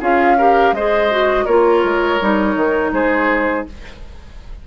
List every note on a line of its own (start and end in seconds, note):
0.00 0.72 C#4
0.00 0.37 F4
0.00 0.37 G#4
0.00 0.74 F5
0.37 0.75 G4
0.37 0.74 A#4
0.72 1.45 G#3
0.72 1.10 G#4
0.72 1.44 C5
0.72 1.45 D#5
1.10 1.47 F#4
1.44 1.83 A#3
1.44 2.20 F4
1.44 2.91 A#4
1.44 2.92 C#5
1.83 2.20 G#3
2.20 2.55 G3
2.20 3.66 D#4
2.55 2.92 D#3
2.92 3.65 G#3
2.92 3.66 G#4
2.92 3.66 C5